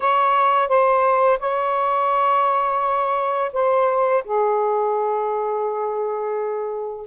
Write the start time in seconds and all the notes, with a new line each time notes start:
0.00 C#5
0.68 C5
1.39 C#5
3.53 C5
4.24 G#4